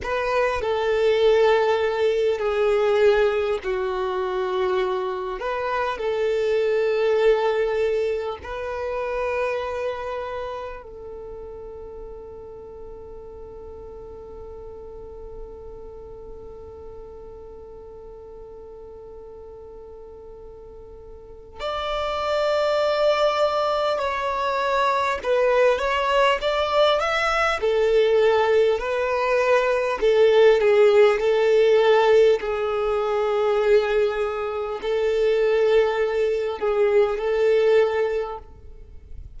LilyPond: \new Staff \with { instrumentName = "violin" } { \time 4/4 \tempo 4 = 50 b'8 a'4. gis'4 fis'4~ | fis'8 b'8 a'2 b'4~ | b'4 a'2.~ | a'1~ |
a'2 d''2 | cis''4 b'8 cis''8 d''8 e''8 a'4 | b'4 a'8 gis'8 a'4 gis'4~ | gis'4 a'4. gis'8 a'4 | }